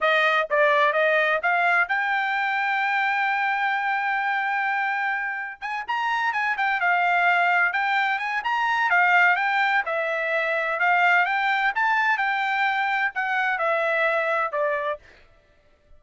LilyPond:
\new Staff \with { instrumentName = "trumpet" } { \time 4/4 \tempo 4 = 128 dis''4 d''4 dis''4 f''4 | g''1~ | g''1 | gis''8 ais''4 gis''8 g''8 f''4.~ |
f''8 g''4 gis''8 ais''4 f''4 | g''4 e''2 f''4 | g''4 a''4 g''2 | fis''4 e''2 d''4 | }